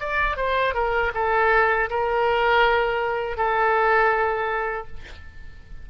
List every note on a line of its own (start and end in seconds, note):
0.00 0.37 D5
0.37 0.74 C5
0.74 1.12 A#4
1.15 1.90 A4
1.90 3.37 A#4
3.37 4.87 A4